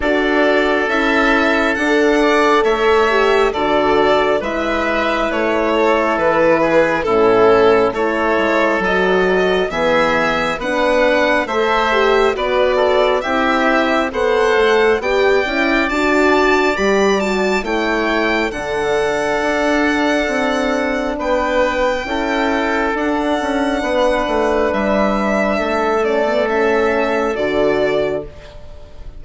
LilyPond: <<
  \new Staff \with { instrumentName = "violin" } { \time 4/4 \tempo 4 = 68 d''4 e''4 fis''4 e''4 | d''4 e''4 cis''4 b'4 | a'4 cis''4 dis''4 e''4 | fis''4 e''4 d''4 e''4 |
fis''4 g''4 a''4 b''8 a''8 | g''4 fis''2. | g''2 fis''2 | e''4. d''8 e''4 d''4 | }
  \new Staff \with { instrumentName = "oboe" } { \time 4/4 a'2~ a'8 d''8 cis''4 | a'4 b'4. a'4 gis'8 | e'4 a'2 gis'4 | b'4 c''4 b'8 a'8 g'4 |
c''4 d''2. | cis''4 a'2. | b'4 a'2 b'4~ | b'4 a'2. | }
  \new Staff \with { instrumentName = "horn" } { \time 4/4 fis'4 e'4 a'4. g'8 | fis'4 e'2. | cis'4 e'4 fis'4 b4 | d'4 a'8 g'8 fis'4 e'4 |
a'4 g'8 e'8 fis'4 g'8 fis'8 | e'4 d'2.~ | d'4 e'4 d'2~ | d'4. cis'16 b16 cis'4 fis'4 | }
  \new Staff \with { instrumentName = "bassoon" } { \time 4/4 d'4 cis'4 d'4 a4 | d4 gis4 a4 e4 | a,4 a8 gis8 fis4 e4 | b4 a4 b4 c'4 |
b8 a8 b8 cis'8 d'4 g4 | a4 d4 d'4 c'4 | b4 cis'4 d'8 cis'8 b8 a8 | g4 a2 d4 | }
>>